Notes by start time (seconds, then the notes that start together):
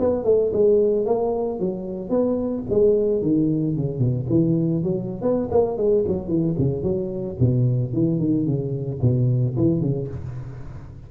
0.00 B3
0.25 A3
0.53 G#3
1.06 A#3
1.60 F#3
2.10 B3
2.70 G#3
3.23 D#3
3.76 C#3
3.99 B2
4.30 E3
4.84 F#3
5.22 B3
5.52 A#3
5.78 G#3
6.08 F#3
6.28 E3
6.59 C#3
6.83 F#3
7.40 B2
7.94 E3
8.20 D#3
8.46 C#3
9.02 B2
9.57 E3
9.81 C#3